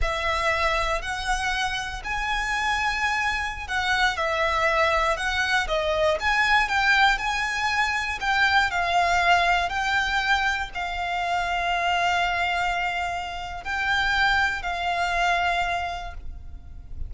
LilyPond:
\new Staff \with { instrumentName = "violin" } { \time 4/4 \tempo 4 = 119 e''2 fis''2 | gis''2.~ gis''16 fis''8.~ | fis''16 e''2 fis''4 dis''8.~ | dis''16 gis''4 g''4 gis''4.~ gis''16~ |
gis''16 g''4 f''2 g''8.~ | g''4~ g''16 f''2~ f''8.~ | f''2. g''4~ | g''4 f''2. | }